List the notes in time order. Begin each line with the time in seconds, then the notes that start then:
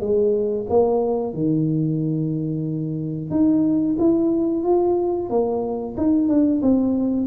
0.00 G#3
0.69 A#3
1.33 D#3
3.30 D#4
3.99 E4
4.63 F4
5.29 A#3
5.97 D#4
6.28 D4
6.62 C4